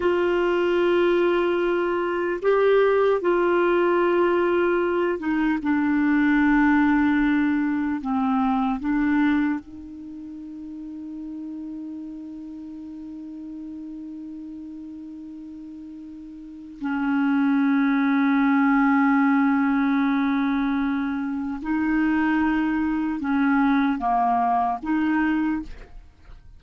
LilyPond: \new Staff \with { instrumentName = "clarinet" } { \time 4/4 \tempo 4 = 75 f'2. g'4 | f'2~ f'8 dis'8 d'4~ | d'2 c'4 d'4 | dis'1~ |
dis'1~ | dis'4 cis'2.~ | cis'2. dis'4~ | dis'4 cis'4 ais4 dis'4 | }